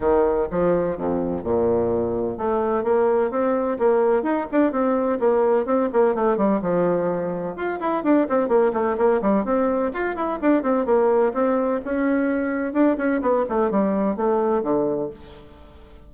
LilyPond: \new Staff \with { instrumentName = "bassoon" } { \time 4/4 \tempo 4 = 127 dis4 f4 f,4 ais,4~ | ais,4 a4 ais4 c'4 | ais4 dis'8 d'8 c'4 ais4 | c'8 ais8 a8 g8 f2 |
f'8 e'8 d'8 c'8 ais8 a8 ais8 g8 | c'4 f'8 e'8 d'8 c'8 ais4 | c'4 cis'2 d'8 cis'8 | b8 a8 g4 a4 d4 | }